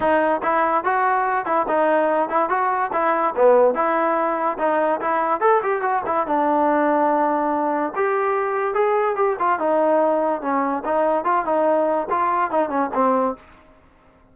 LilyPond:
\new Staff \with { instrumentName = "trombone" } { \time 4/4 \tempo 4 = 144 dis'4 e'4 fis'4. e'8 | dis'4. e'8 fis'4 e'4 | b4 e'2 dis'4 | e'4 a'8 g'8 fis'8 e'8 d'4~ |
d'2. g'4~ | g'4 gis'4 g'8 f'8 dis'4~ | dis'4 cis'4 dis'4 f'8 dis'8~ | dis'4 f'4 dis'8 cis'8 c'4 | }